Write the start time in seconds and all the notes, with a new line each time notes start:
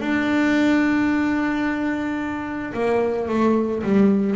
0.00 D4
2.74 A#3
3.29 A3
3.83 G3